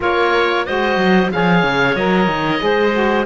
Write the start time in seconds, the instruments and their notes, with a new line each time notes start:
0.00 cello A#3, saxophone F4, clarinet A#4, oboe C#5
0.66 cello G#3, saxophone F#4, clarinet C5, oboe D#5
0.96 cello F#3
1.31 cello F3, saxophone G#4, clarinet C#5, oboe F5
1.62 cello C#3
1.95 cello F#3, saxophone A#4, oboe D#5
2.27 cello D#3
2.59 cello G#3, saxophone G#4, clarinet C5
2.93 saxophone F#4